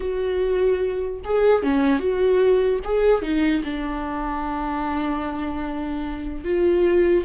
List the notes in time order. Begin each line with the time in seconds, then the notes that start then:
0.00 F#4
1.24 G#4
1.63 C#4
1.99 F#4
2.84 G#4
3.22 D#4
3.64 D4
6.44 F4